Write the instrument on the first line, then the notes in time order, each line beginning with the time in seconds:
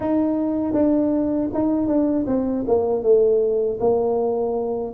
tuba
0.00 D#4
0.73 D4
1.53 D#4
1.87 D4
2.26 C4
2.67 A#3
3.02 A3
3.80 A#3